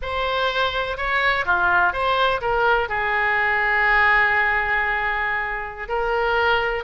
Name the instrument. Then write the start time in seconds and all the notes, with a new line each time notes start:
oboe
0.02 C5
0.97 C#5
1.45 F4
1.92 C5
2.41 A#4
2.88 G#4
5.88 A#4